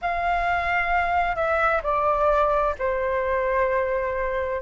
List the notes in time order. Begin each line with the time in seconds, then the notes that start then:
0.01 F5
1.35 E5
1.83 D5
2.78 C5